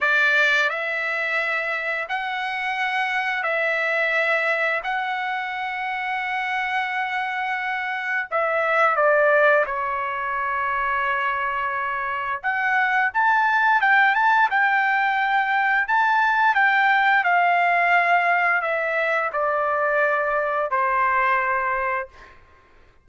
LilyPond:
\new Staff \with { instrumentName = "trumpet" } { \time 4/4 \tempo 4 = 87 d''4 e''2 fis''4~ | fis''4 e''2 fis''4~ | fis''1 | e''4 d''4 cis''2~ |
cis''2 fis''4 a''4 | g''8 a''8 g''2 a''4 | g''4 f''2 e''4 | d''2 c''2 | }